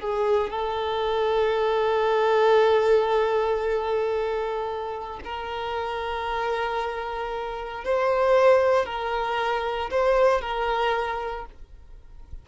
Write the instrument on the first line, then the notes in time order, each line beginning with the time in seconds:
violin
0.00 G#4
0.50 A4
5.25 A#4
7.85 C5
8.86 A#4
9.91 C5
10.41 A#4